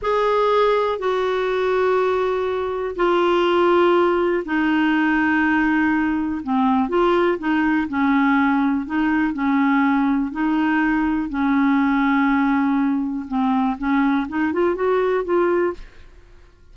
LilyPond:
\new Staff \with { instrumentName = "clarinet" } { \time 4/4 \tempo 4 = 122 gis'2 fis'2~ | fis'2 f'2~ | f'4 dis'2.~ | dis'4 c'4 f'4 dis'4 |
cis'2 dis'4 cis'4~ | cis'4 dis'2 cis'4~ | cis'2. c'4 | cis'4 dis'8 f'8 fis'4 f'4 | }